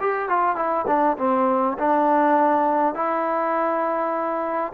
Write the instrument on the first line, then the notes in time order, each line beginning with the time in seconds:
trombone
0.00 G4
0.29 F4
0.56 E4
0.87 D4
1.18 C4
1.78 D4
2.94 E4